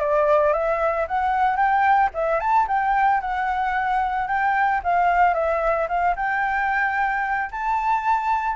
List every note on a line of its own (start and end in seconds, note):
0.00 0.54 D5
0.54 1.07 E5
1.08 1.57 F#5
1.57 2.10 G5
2.14 2.41 E5
2.41 2.67 A5
2.68 3.21 G5
3.21 4.28 F#5
4.28 4.82 G5
4.84 5.34 F5
5.34 5.88 E5
5.89 6.16 F5
6.17 7.51 G5
7.52 8.57 A5